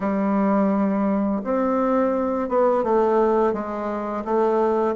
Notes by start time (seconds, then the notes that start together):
0.00 G3
1.43 C4
2.48 B3
2.83 A3
3.53 G#3
4.24 A3